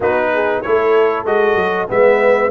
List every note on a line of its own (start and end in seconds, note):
0.00 0.63 B3
0.00 0.64 D#4
0.00 0.32 F#4
0.00 0.61 B4
0.33 0.64 G#4
0.61 1.25 A3
0.61 1.25 E4
0.61 1.92 A4
0.61 1.25 C#5
1.25 1.55 G#3
1.25 1.88 F#4
1.25 1.89 D#5
1.55 1.86 F#3
1.88 2.50 G#3
1.88 2.50 B3
1.88 2.50 B4
1.88 2.50 E5